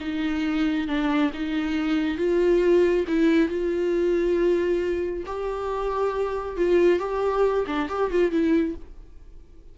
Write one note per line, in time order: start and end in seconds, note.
0.00 0.88 D#4
0.88 1.31 D4
1.34 2.18 D#4
2.18 3.05 F4
3.08 3.49 E4
3.49 5.24 F4
5.26 6.57 G4
6.57 7.00 F4
7.00 7.65 G4
7.67 7.89 D4
7.89 8.11 G4
8.11 8.31 F4
8.31 8.75 E4